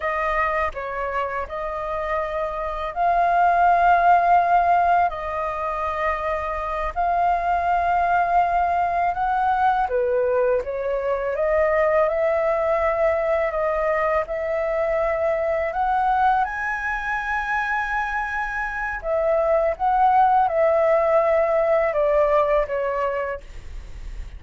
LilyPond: \new Staff \with { instrumentName = "flute" } { \time 4/4 \tempo 4 = 82 dis''4 cis''4 dis''2 | f''2. dis''4~ | dis''4. f''2~ f''8~ | f''8 fis''4 b'4 cis''4 dis''8~ |
dis''8 e''2 dis''4 e''8~ | e''4. fis''4 gis''4.~ | gis''2 e''4 fis''4 | e''2 d''4 cis''4 | }